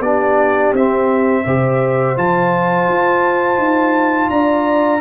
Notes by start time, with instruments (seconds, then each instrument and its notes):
0.00 tuba B3, trombone D4, horn G4, trumpet D5
0.73 tuba C4, trombone C4, trumpet E5
1.45 tuba C3, trombone G4, horn C5
2.17 tuba F3, trombone F4, trumpet A5
2.88 tuba F4
3.58 tuba D#4
4.30 tuba D4, horn D5, trumpet A#5